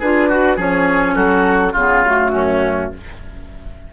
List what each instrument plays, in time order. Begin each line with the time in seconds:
0.00 bassoon D4, clarinet F4, oboe G#4, flute B4
0.29 oboe F#4, clarinet F#4
0.57 bassoon F3, clarinet C#4, oboe G#4, flute C#5
1.15 bassoon F#3, oboe F#4, flute A4
1.73 bassoon C#3, clarinet B3, oboe F4, flute G#4
2.06 clarinet A3, flute F#4
2.33 bassoon F#2, oboe C#4